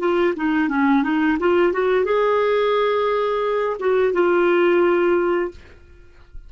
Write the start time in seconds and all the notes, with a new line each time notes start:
0.00 F4
0.37 D#4
0.69 C#4
1.04 D#4
1.40 F4
1.73 F#4
2.05 G#4
3.80 F#4
4.13 F4